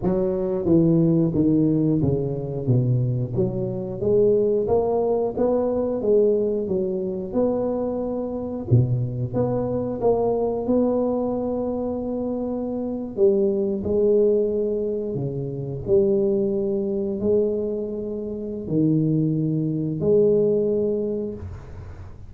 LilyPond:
\new Staff \with { instrumentName = "tuba" } { \time 4/4 \tempo 4 = 90 fis4 e4 dis4 cis4 | b,4 fis4 gis4 ais4 | b4 gis4 fis4 b4~ | b4 b,4 b4 ais4 |
b2.~ b8. g16~ | g8. gis2 cis4 g16~ | g4.~ g16 gis2~ gis16 | dis2 gis2 | }